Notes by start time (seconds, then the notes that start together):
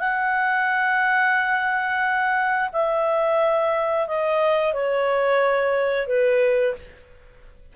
0.00 F#5
2.73 E5
4.08 D#5
4.74 C#5
6.07 B4